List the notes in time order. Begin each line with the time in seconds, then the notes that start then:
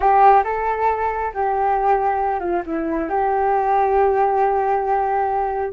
0.00 G4
0.44 A4
1.34 G4
2.40 F4
2.66 E4
3.09 G4